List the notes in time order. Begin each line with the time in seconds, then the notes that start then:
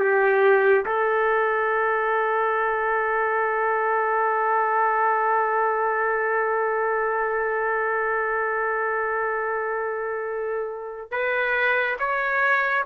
0.00 G4
0.86 A4
11.12 B4
12.00 C#5